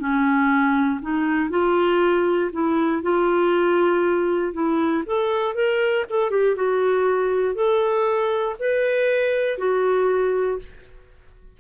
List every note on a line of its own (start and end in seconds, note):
0.00 1.01 C#4
1.02 1.50 D#4
1.50 2.51 F4
2.53 3.03 E4
3.03 4.54 F4
4.54 5.04 E4
5.06 5.55 A4
5.55 6.05 A#4
6.10 6.31 A4
6.31 6.56 G4
6.56 7.55 F#4
7.55 8.56 A4
8.60 9.58 B4
9.58 10.59 F#4